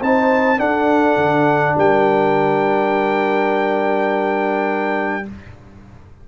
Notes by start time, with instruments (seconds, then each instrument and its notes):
0.00 tuba C4, trombone D#4, horn C5, trumpet A5
0.57 trombone D4, tuba D4, horn A4, trumpet F#5
1.16 tuba D3
1.76 tuba G3, horn A#4, trumpet G5